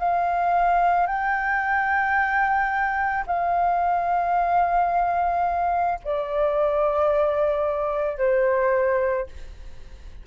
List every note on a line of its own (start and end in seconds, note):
0.00 1.07 F5
1.07 3.25 G5
3.27 6.00 F5
6.04 8.18 D5
8.18 9.27 C5